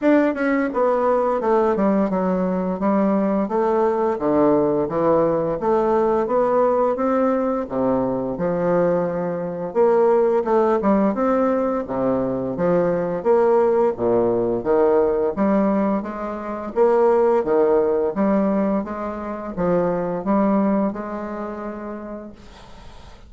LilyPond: \new Staff \with { instrumentName = "bassoon" } { \time 4/4 \tempo 4 = 86 d'8 cis'8 b4 a8 g8 fis4 | g4 a4 d4 e4 | a4 b4 c'4 c4 | f2 ais4 a8 g8 |
c'4 c4 f4 ais4 | ais,4 dis4 g4 gis4 | ais4 dis4 g4 gis4 | f4 g4 gis2 | }